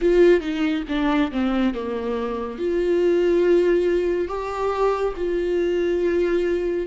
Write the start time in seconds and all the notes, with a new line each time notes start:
0.01 F4
0.41 D#4
0.88 D4
1.31 C4
1.74 A#3
2.58 F4
4.28 G4
5.16 F4